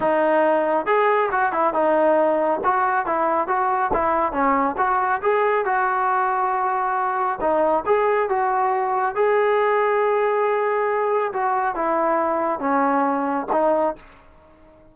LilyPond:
\new Staff \with { instrumentName = "trombone" } { \time 4/4 \tempo 4 = 138 dis'2 gis'4 fis'8 e'8 | dis'2 fis'4 e'4 | fis'4 e'4 cis'4 fis'4 | gis'4 fis'2.~ |
fis'4 dis'4 gis'4 fis'4~ | fis'4 gis'2.~ | gis'2 fis'4 e'4~ | e'4 cis'2 dis'4 | }